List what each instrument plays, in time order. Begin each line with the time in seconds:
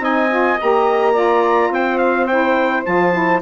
0.00 bassoon C4, saxophone D#4 D#5, trumpet G#5
0.30 saxophone F4
0.61 bassoon A#3, saxophone G4, trumpet A#5
1.13 saxophone F4 D5
1.70 bassoon C4, saxophone C5, trumpet G5
1.99 trumpet F5
2.28 saxophone E4, trumpet G5
2.85 bassoon F3, saxophone F4, trumpet A5
3.13 saxophone E4